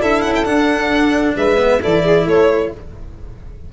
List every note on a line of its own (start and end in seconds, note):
0.00 0.24 D4
0.00 0.45 E4
0.00 1.35 A4
0.00 0.22 E5
0.22 0.45 C#4
0.22 0.33 F#5
0.35 0.45 G5
0.45 1.35 D4
0.45 1.57 D4
0.45 1.35 F#5
1.36 1.81 G#3
1.36 1.81 B4
1.36 1.82 E5
1.57 1.79 B3
1.81 2.27 E3
1.81 2.72 E4
1.81 2.03 A4
1.81 2.28 D5
2.03 2.25 G#4
2.25 2.71 A3
2.25 2.70 A4
2.25 2.73 C#5